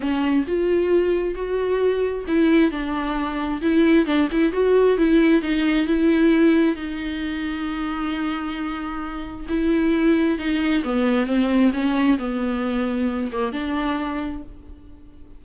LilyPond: \new Staff \with { instrumentName = "viola" } { \time 4/4 \tempo 4 = 133 cis'4 f'2 fis'4~ | fis'4 e'4 d'2 | e'4 d'8 e'8 fis'4 e'4 | dis'4 e'2 dis'4~ |
dis'1~ | dis'4 e'2 dis'4 | b4 c'4 cis'4 b4~ | b4. ais8 d'2 | }